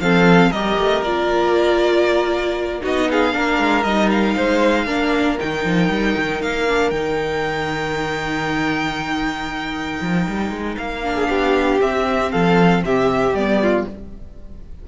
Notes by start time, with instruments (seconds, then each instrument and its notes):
0.00 cello F3, viola C4, violin A4 F5
0.50 cello G3, viola G4, violin A#4 D#5
0.78 cello A3
1.02 cello A#3, viola F4, violin D5
2.81 cello B3, viola D#4, violin F#4 D#5
3.10 violin G#4 F5
3.32 cello A#3, viola D4, violin A#4
3.58 cello G#3
3.83 cello G3, viola D#4, violin D#5
4.11 violin F5
4.35 cello G#3, violin C5
4.85 cello A#3, viola D4, violin A#4
5.38 cello D#3, viola D#4, violin G5
5.65 cello F3
5.89 cello G3
6.17 cello D#3
6.41 cello A#3, violin F5
6.68 viola D4
6.90 cello D#3, viola D#4, violin G5
10.01 cello F3
10.28 cello G3
10.51 cello G#3
10.78 cello A#3, violin F5
11.03 viola D4
11.15 violin G#4
11.29 cello B3, violin G4
11.79 viola C4, cello C4, violin E5
12.31 cello F3, violin A4 F5
12.84 cello C3, violin G4 E5
13.33 cello G3, viola B3, violin D5
13.62 violin F4